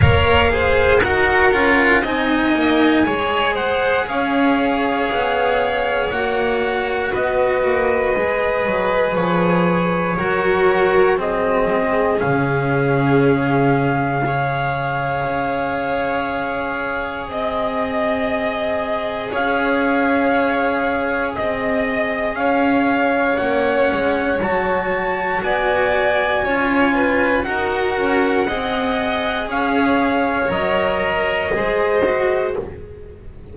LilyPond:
<<
  \new Staff \with { instrumentName = "trumpet" } { \time 4/4 \tempo 4 = 59 f''4 fis''4 gis''4. fis''8 | f''2 fis''4 dis''4~ | dis''4 cis''2 dis''4 | f''1~ |
f''4 dis''2 f''4~ | f''4 dis''4 f''4 fis''4 | a''4 gis''2 fis''4~ | fis''4 f''4 dis''2 | }
  \new Staff \with { instrumentName = "violin" } { \time 4/4 cis''8 c''8 ais'4 dis''4 cis''8 c''8 | cis''2. b'4~ | b'2 ais'4 gis'4~ | gis'2 cis''2~ |
cis''4 dis''2 cis''4~ | cis''4 dis''4 cis''2~ | cis''4 d''4 cis''8 b'8 ais'4 | dis''4 cis''2 c''4 | }
  \new Staff \with { instrumentName = "cello" } { \time 4/4 ais'8 gis'8 fis'8 f'8 dis'4 gis'4~ | gis'2 fis'2 | gis'2 fis'4 c'4 | cis'2 gis'2~ |
gis'1~ | gis'2. cis'4 | fis'2 f'4 fis'4 | gis'2 ais'4 gis'8 fis'8 | }
  \new Staff \with { instrumentName = "double bass" } { \time 4/4 ais4 dis'8 cis'8 c'8 ais8 gis4 | cis'4 b4 ais4 b8 ais8 | gis8 fis8 f4 fis4. gis8 | cis2. cis'4~ |
cis'4 c'2 cis'4~ | cis'4 c'4 cis'4 ais8 gis8 | fis4 b4 cis'4 dis'8 cis'8 | c'4 cis'4 fis4 gis4 | }
>>